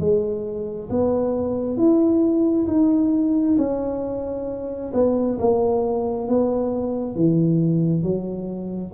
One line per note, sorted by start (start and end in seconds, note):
0.00 0.90 G#3
0.90 1.77 B3
1.77 2.67 E4
2.67 3.57 D#4
3.58 4.93 C#4
4.94 5.39 B3
5.39 6.28 A#3
6.28 7.16 B3
7.16 8.03 E3
8.03 8.93 F#3